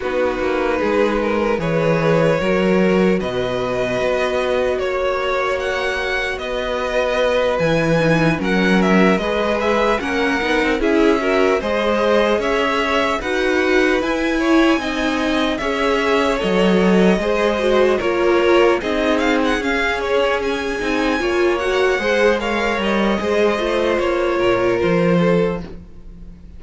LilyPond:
<<
  \new Staff \with { instrumentName = "violin" } { \time 4/4 \tempo 4 = 75 b'2 cis''2 | dis''2 cis''4 fis''4 | dis''4. gis''4 fis''8 e''8 dis''8 | e''8 fis''4 e''4 dis''4 e''8~ |
e''8 fis''4 gis''2 e''8~ | e''8 dis''2 cis''4 dis''8 | f''16 fis''16 f''8 cis''8 gis''4. fis''4 | f''8 dis''4. cis''4 c''4 | }
  \new Staff \with { instrumentName = "violin" } { \time 4/4 fis'4 gis'8 ais'8 b'4 ais'4 | b'2 cis''2 | b'2~ b'8 ais'4 b'8~ | b'8 ais'4 gis'8 ais'8 c''4 cis''8~ |
cis''8 b'4. cis''8 dis''4 cis''8~ | cis''4. c''4 ais'4 gis'8~ | gis'2~ gis'8 cis''4 c''8 | cis''4 c''4. ais'4 a'8 | }
  \new Staff \with { instrumentName = "viola" } { \time 4/4 dis'2 gis'4 fis'4~ | fis'1~ | fis'4. e'8 dis'8 cis'4 gis'8~ | gis'8 cis'8 dis'8 e'8 fis'8 gis'4.~ |
gis'8 fis'4 e'4 dis'4 gis'8~ | gis'8 a'4 gis'8 fis'8 f'4 dis'8~ | dis'8 cis'4. dis'8 f'8 fis'8 gis'8 | ais'4 gis'8 f'2~ f'8 | }
  \new Staff \with { instrumentName = "cello" } { \time 4/4 b8 ais8 gis4 e4 fis4 | b,4 b4 ais2 | b4. e4 fis4 gis8~ | gis8 ais8 b16 c'16 cis'4 gis4 cis'8~ |
cis'8 dis'4 e'4 c'4 cis'8~ | cis'8 fis4 gis4 ais4 c'8~ | c'8 cis'4. c'8 ais4 gis8~ | gis8 g8 gis8 a8 ais8 ais,8 f4 | }
>>